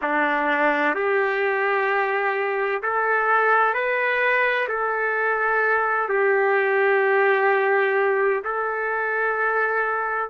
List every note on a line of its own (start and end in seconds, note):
0.02 0.94 D4
0.94 2.82 G4
2.82 3.74 A4
3.74 4.67 B4
4.68 6.09 A4
6.09 8.43 G4
8.44 10.30 A4